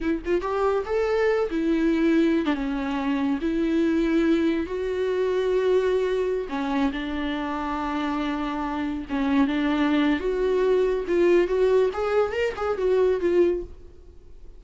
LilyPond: \new Staff \with { instrumentName = "viola" } { \time 4/4 \tempo 4 = 141 e'8 f'8 g'4 a'4. e'8~ | e'4.~ e'16 d'16 cis'2 | e'2. fis'4~ | fis'2.~ fis'16 cis'8.~ |
cis'16 d'2.~ d'8.~ | d'4~ d'16 cis'4 d'4.~ d'16 | fis'2 f'4 fis'4 | gis'4 ais'8 gis'8 fis'4 f'4 | }